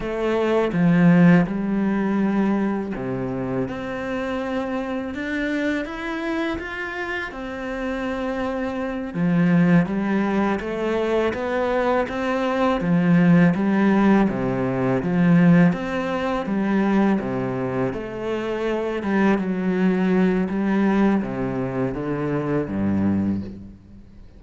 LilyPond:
\new Staff \with { instrumentName = "cello" } { \time 4/4 \tempo 4 = 82 a4 f4 g2 | c4 c'2 d'4 | e'4 f'4 c'2~ | c'8 f4 g4 a4 b8~ |
b8 c'4 f4 g4 c8~ | c8 f4 c'4 g4 c8~ | c8 a4. g8 fis4. | g4 c4 d4 g,4 | }